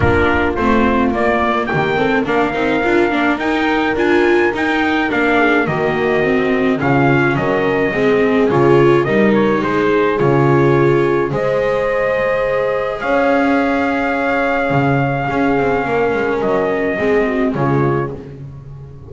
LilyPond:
<<
  \new Staff \with { instrumentName = "trumpet" } { \time 4/4 \tempo 4 = 106 ais'4 c''4 d''4 g''4 | f''2 g''4 gis''4 | g''4 f''4 dis''2 | f''4 dis''2 cis''4 |
dis''8 cis''8 c''4 cis''2 | dis''2. f''4~ | f''1~ | f''4 dis''2 cis''4 | }
  \new Staff \with { instrumentName = "horn" } { \time 4/4 f'2. g'8 a'8 | ais'1~ | ais'4. gis'8 fis'2 | f'4 ais'4 gis'2 |
ais'4 gis'2. | c''2. cis''4~ | cis''2. gis'4 | ais'2 gis'8 fis'8 f'4 | }
  \new Staff \with { instrumentName = "viola" } { \time 4/4 d'4 c'4 ais4. c'8 | d'8 dis'8 f'8 d'8 dis'4 f'4 | dis'4 d'4 ais4 c'4 | cis'2 c'4 f'4 |
dis'2 f'2 | gis'1~ | gis'2. cis'4~ | cis'2 c'4 gis4 | }
  \new Staff \with { instrumentName = "double bass" } { \time 4/4 ais4 a4 ais4 dis4 | ais8 c'8 d'8 ais8 dis'4 d'4 | dis'4 ais4 dis2 | cis4 fis4 gis4 cis4 |
g4 gis4 cis2 | gis2. cis'4~ | cis'2 cis4 cis'8 c'8 | ais8 gis8 fis4 gis4 cis4 | }
>>